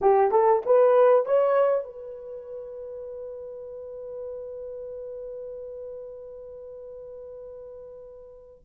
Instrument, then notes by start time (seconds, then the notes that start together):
horn
0.01 G4
0.31 A4
0.65 B4
1.25 C#5
1.84 B4